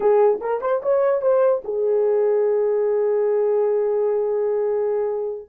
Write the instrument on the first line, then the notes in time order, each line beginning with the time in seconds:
horn
0.00 G#4
0.40 A#4
0.61 C5
0.82 C#5
1.21 C5
1.64 G#4